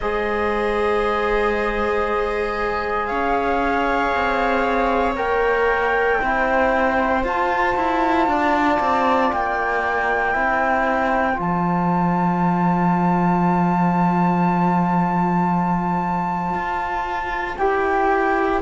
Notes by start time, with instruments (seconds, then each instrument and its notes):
0.00 cello G#3, trombone G#4, viola C5, flute D#5
3.06 cello C#4, viola C#5, flute F5
4.15 cello C4
5.15 cello A#3, trombone A#4, flute G5
6.20 cello C4, trombone E4, viola C5
7.23 trombone F4, cello F4, flute A5
7.75 cello E4
8.27 cello D4, viola D5
8.80 cello C4
9.32 cello A#3, flute G5
10.32 cello C4, trombone E4, viola C5
11.33 cello F3, trombone F4
11.39 flute A5
16.53 cello F4
17.57 cello E4, trombone G4, flute G5